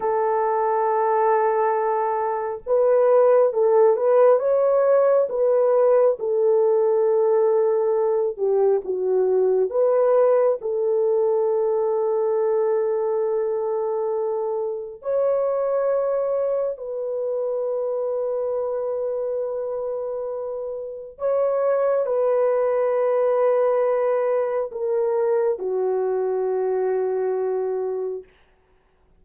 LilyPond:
\new Staff \with { instrumentName = "horn" } { \time 4/4 \tempo 4 = 68 a'2. b'4 | a'8 b'8 cis''4 b'4 a'4~ | a'4. g'8 fis'4 b'4 | a'1~ |
a'4 cis''2 b'4~ | b'1 | cis''4 b'2. | ais'4 fis'2. | }